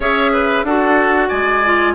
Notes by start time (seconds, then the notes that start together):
0.00 C#4 G#4 C#5 E5
0.32 B4
0.63 D4 F#4 A4 F#5
1.28 G#3 D5 G#5
1.64 F4